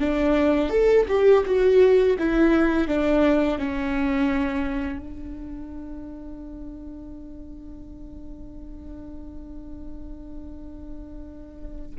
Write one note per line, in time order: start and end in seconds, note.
0.00 0.70 D4
0.70 1.06 A4
1.08 1.44 G4
1.46 2.17 F#4
2.19 2.88 E4
2.88 3.59 D4
3.59 4.99 C#4
4.99 11.96 D4